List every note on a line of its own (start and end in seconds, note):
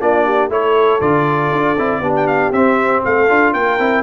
0.00 0.49 A#3
0.00 0.50 D4
0.00 0.26 F4
0.00 0.51 D5
0.26 0.51 G4
0.49 1.00 A3
0.49 1.01 E4
0.49 2.02 A4
0.49 1.01 C#5
1.01 1.52 D3
1.01 1.77 F4
1.01 2.14 D5
1.53 1.78 D4
1.78 2.00 C4
1.78 2.03 E4
2.00 2.51 B3
2.00 2.53 D4
2.00 3.03 G4
2.16 2.27 G5
2.27 2.52 F5
2.52 3.03 C4
2.52 3.29 C4
2.52 3.03 E5
3.05 3.30 A3
3.05 3.54 A4
3.05 3.54 F5
3.29 3.54 D4
3.29 3.79 F4
3.54 3.79 A#3
3.54 4.03 A#4
3.54 4.03 G5
3.79 4.03 C4
3.79 4.03 E4